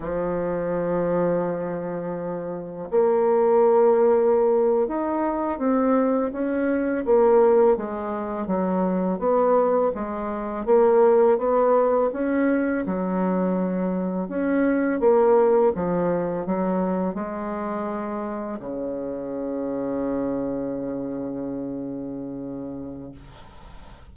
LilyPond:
\new Staff \with { instrumentName = "bassoon" } { \time 4/4 \tempo 4 = 83 f1 | ais2~ ais8. dis'4 c'16~ | c'8. cis'4 ais4 gis4 fis16~ | fis8. b4 gis4 ais4 b16~ |
b8. cis'4 fis2 cis'16~ | cis'8. ais4 f4 fis4 gis16~ | gis4.~ gis16 cis2~ cis16~ | cis1 | }